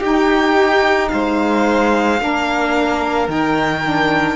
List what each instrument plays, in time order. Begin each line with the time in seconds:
0.00 cello D#4, saxophone D#4, violin G4 G5
1.09 cello G#3, violin C5 F5
2.19 cello A#3, saxophone D4, violin A#4
3.28 cello D#3, saxophone D#4, violin G5
3.84 saxophone D4